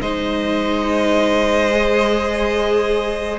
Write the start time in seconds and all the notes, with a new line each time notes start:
0.00 G#3 D#4 C5 D#5
1.70 G#4